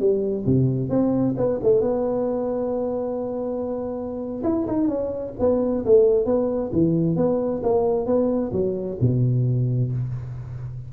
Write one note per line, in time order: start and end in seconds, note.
0.00 0.45 G3
0.46 0.90 C3
0.90 1.35 C4
1.37 1.60 B3
1.63 1.81 A3
1.81 4.43 B3
4.44 4.66 E4
4.67 4.88 D#4
4.88 5.33 C#4
5.40 5.85 B3
5.86 6.26 A3
6.26 6.71 B3
6.73 7.17 E3
7.17 7.62 B3
7.63 8.07 A#3
8.07 8.52 B3
8.52 8.98 F#3
9.01 9.92 B2